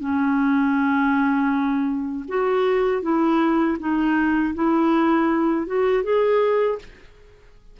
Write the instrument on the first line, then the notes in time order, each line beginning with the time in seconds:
clarinet
0.00 C#4
2.28 F#4
3.02 E4
3.79 D#4
4.54 E4
5.67 F#4
6.03 G#4